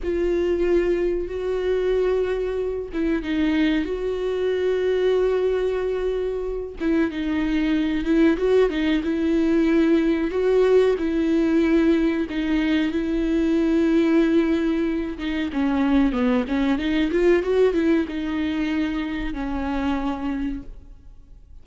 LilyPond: \new Staff \with { instrumentName = "viola" } { \time 4/4 \tempo 4 = 93 f'2 fis'2~ | fis'8 e'8 dis'4 fis'2~ | fis'2~ fis'8 e'8 dis'4~ | dis'8 e'8 fis'8 dis'8 e'2 |
fis'4 e'2 dis'4 | e'2.~ e'8 dis'8 | cis'4 b8 cis'8 dis'8 f'8 fis'8 e'8 | dis'2 cis'2 | }